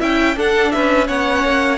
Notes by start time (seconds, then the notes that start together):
0.00 C#4 E4 E5 G5
0.36 D4 A4 F#5
0.72 C#4 B4 E5
1.07 B3 C#4 C#5 F#5
1.44 A#3